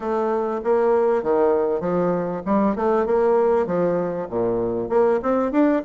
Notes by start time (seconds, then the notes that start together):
0.00 A3
0.64 A#3
1.22 D#3
1.80 F3
2.45 G3
2.76 A3
3.06 A#3
3.66 F3
4.29 A#2
4.89 A#3
5.22 C4
5.51 D4